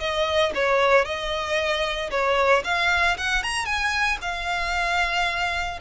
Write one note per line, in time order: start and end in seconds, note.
0.00 0.53 D#5
0.55 1.05 C#5
1.05 2.11 D#5
2.11 2.63 C#5
2.65 3.17 F5
3.18 3.43 F#5
3.43 3.66 A#5
3.66 4.18 G#5
4.22 5.80 F5